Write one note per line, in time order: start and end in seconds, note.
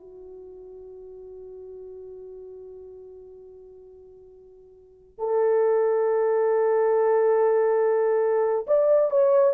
0.00 5.19 F#4
5.19 8.66 A4
8.67 9.11 D5
9.11 9.54 C#5